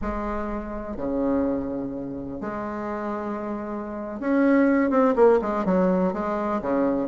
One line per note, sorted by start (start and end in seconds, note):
0.01 0.96 G#3
0.96 2.40 C#3
2.40 4.20 G#3
4.20 4.90 C#4
4.90 5.14 C4
5.15 5.39 A#3
5.41 5.65 G#3
5.65 6.13 F#3
6.13 6.61 G#3
6.61 7.08 C#3